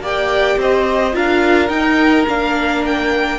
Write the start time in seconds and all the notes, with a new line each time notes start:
0.00 A#3 G4 D5 G5
0.57 C4 C5 D#5
1.13 D4 F4 A#4 F5
1.69 D#4 G5
2.27 A#3 D4 F5
2.85 G5